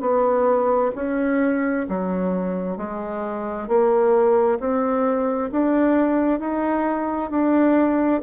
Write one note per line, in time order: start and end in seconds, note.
0.00 0.91 B3
0.95 1.86 C#4
1.88 2.77 F#3
2.77 3.68 G#3
3.68 4.59 A#3
4.59 5.50 C4
5.52 6.40 D4
6.40 7.30 D#4
7.30 8.21 D4